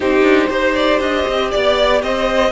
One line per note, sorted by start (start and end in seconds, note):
0.00 0.22 C4
0.00 0.48 D#4
0.00 0.49 G4
0.00 1.51 C5
0.22 0.48 D4
0.48 0.99 D#4
0.48 2.50 G4
0.48 0.74 C5
0.74 0.99 D5
0.99 1.24 D4
0.99 1.50 D#5
1.27 1.52 C4
1.50 2.02 B3
1.50 2.01 D5
2.02 2.51 C4
2.02 2.51 C5
2.02 2.51 D#5